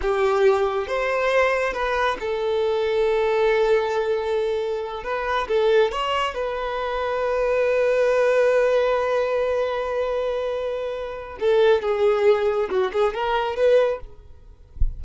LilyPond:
\new Staff \with { instrumentName = "violin" } { \time 4/4 \tempo 4 = 137 g'2 c''2 | b'4 a'2.~ | a'2.~ a'8 b'8~ | b'8 a'4 cis''4 b'4.~ |
b'1~ | b'1~ | b'2 a'4 gis'4~ | gis'4 fis'8 gis'8 ais'4 b'4 | }